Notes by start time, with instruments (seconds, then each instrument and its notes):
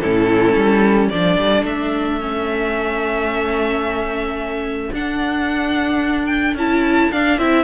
0.00 cello A2, viola C#4, violin E4 A4
0.55 cello G3
1.09 cello F3, viola D4, violin A4 D5
1.37 cello G3
1.62 cello A3, violin E5
2.21 viola C#4
4.93 cello D4, viola D4, violin F#5
6.26 violin G5
6.55 cello C#4, viola E4, violin A5
7.11 cello D4, viola D4, violin F5
7.38 cello C4, viola E4, violin E5